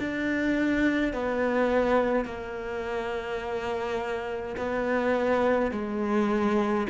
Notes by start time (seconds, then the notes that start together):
0.00 D4
1.13 B3
2.26 A#3
4.57 B3
5.72 G#3